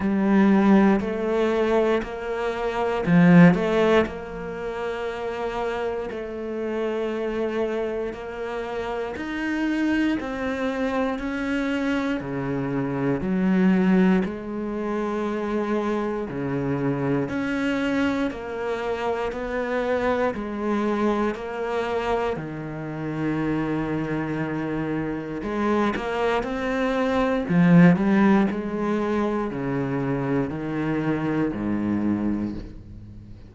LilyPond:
\new Staff \with { instrumentName = "cello" } { \time 4/4 \tempo 4 = 59 g4 a4 ais4 f8 a8 | ais2 a2 | ais4 dis'4 c'4 cis'4 | cis4 fis4 gis2 |
cis4 cis'4 ais4 b4 | gis4 ais4 dis2~ | dis4 gis8 ais8 c'4 f8 g8 | gis4 cis4 dis4 gis,4 | }